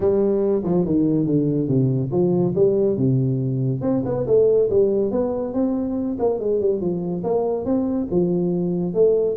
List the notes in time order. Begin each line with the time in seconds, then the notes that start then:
0.00 G3
0.64 F3
0.85 D#3
1.26 D3
1.68 C3
2.11 F3
2.55 G3
2.97 C3
3.81 C4
4.05 B3
4.27 A3
4.70 G3
5.11 B3
5.53 C4
6.19 A#3
6.39 G#3
6.60 G3
6.80 F3
7.23 A#3
7.65 C4
8.10 F3
8.94 A3